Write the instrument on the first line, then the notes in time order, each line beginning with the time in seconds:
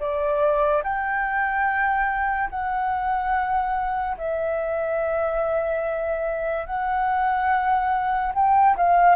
flute
0.00 D5
0.83 G5
2.50 F#5
4.18 E5
6.67 F#5
8.35 G5
8.77 F5